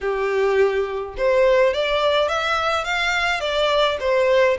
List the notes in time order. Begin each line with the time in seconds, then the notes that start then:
0.00 G4
1.17 C5
1.73 D5
2.28 E5
2.84 F5
3.40 D5
3.99 C5